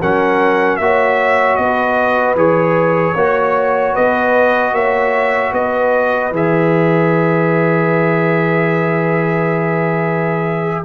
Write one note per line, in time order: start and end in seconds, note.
0.00 0.79 F#3
0.00 0.81 C#4
0.00 0.79 A#4
0.00 0.77 F#5
0.77 1.58 A#3
0.77 2.37 F#4
0.77 1.61 C#5
0.77 1.56 E5
1.56 2.35 B3
1.56 3.15 B4
1.56 2.35 D#5
2.35 3.14 E3
2.35 3.16 G#4
2.35 3.96 C#5
3.15 3.94 A#3
3.15 6.33 F#4
3.15 3.94 C#5
3.94 4.73 B3
3.94 4.73 B4
3.94 4.74 D#5
4.73 5.51 A#3
4.73 5.52 C#5
4.73 5.53 E5
5.52 6.31 B3
5.52 10.85 B4
5.52 6.33 D#5
6.31 10.85 E3
6.31 10.85 G#4
6.31 10.85 E5